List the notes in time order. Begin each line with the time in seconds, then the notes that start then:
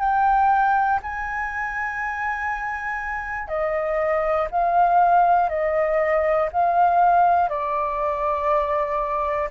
0.00 G5
1.03 G#5
3.48 D#5
4.50 F5
5.50 D#5
6.53 F5
7.50 D5